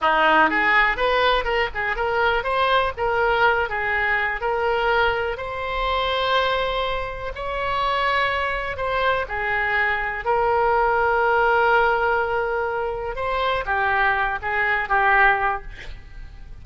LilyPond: \new Staff \with { instrumentName = "oboe" } { \time 4/4 \tempo 4 = 123 dis'4 gis'4 b'4 ais'8 gis'8 | ais'4 c''4 ais'4. gis'8~ | gis'4 ais'2 c''4~ | c''2. cis''4~ |
cis''2 c''4 gis'4~ | gis'4 ais'2.~ | ais'2. c''4 | g'4. gis'4 g'4. | }